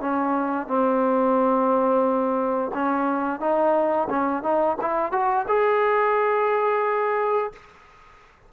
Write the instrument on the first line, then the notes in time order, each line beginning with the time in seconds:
trombone
0.00 C#4
0.67 C4
2.74 C#4
3.40 D#4
4.09 C#4
4.43 D#4
4.81 E4
5.12 F#4
5.48 G#4